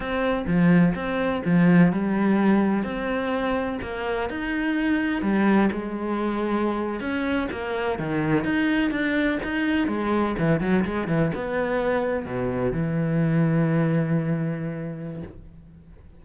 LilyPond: \new Staff \with { instrumentName = "cello" } { \time 4/4 \tempo 4 = 126 c'4 f4 c'4 f4 | g2 c'2 | ais4 dis'2 g4 | gis2~ gis8. cis'4 ais16~ |
ais8. dis4 dis'4 d'4 dis'16~ | dis'8. gis4 e8 fis8 gis8 e8 b16~ | b4.~ b16 b,4 e4~ e16~ | e1 | }